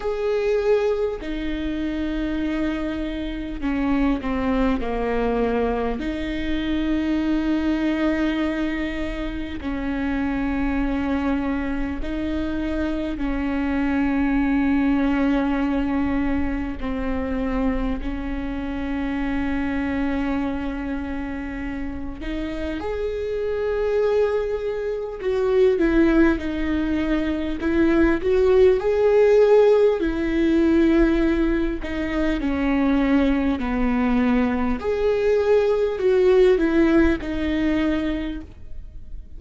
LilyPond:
\new Staff \with { instrumentName = "viola" } { \time 4/4 \tempo 4 = 50 gis'4 dis'2 cis'8 c'8 | ais4 dis'2. | cis'2 dis'4 cis'4~ | cis'2 c'4 cis'4~ |
cis'2~ cis'8 dis'8 gis'4~ | gis'4 fis'8 e'8 dis'4 e'8 fis'8 | gis'4 e'4. dis'8 cis'4 | b4 gis'4 fis'8 e'8 dis'4 | }